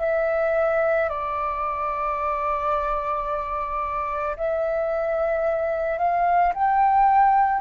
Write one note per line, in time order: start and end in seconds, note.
0.00 1.09 E5
1.09 4.36 D5
4.37 5.99 E5
5.99 6.53 F5
6.54 7.61 G5